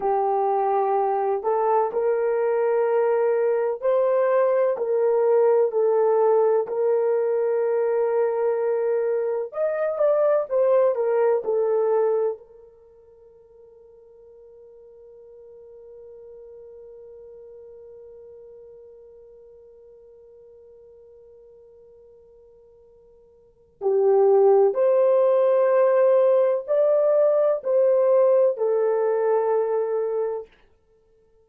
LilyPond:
\new Staff \with { instrumentName = "horn" } { \time 4/4 \tempo 4 = 63 g'4. a'8 ais'2 | c''4 ais'4 a'4 ais'4~ | ais'2 dis''8 d''8 c''8 ais'8 | a'4 ais'2.~ |
ais'1~ | ais'1~ | ais'4 g'4 c''2 | d''4 c''4 a'2 | }